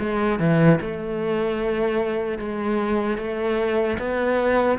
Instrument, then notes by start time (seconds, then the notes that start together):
cello
0.00 G#3
0.40 E3
0.81 A3
2.39 G#3
3.18 A3
3.99 B3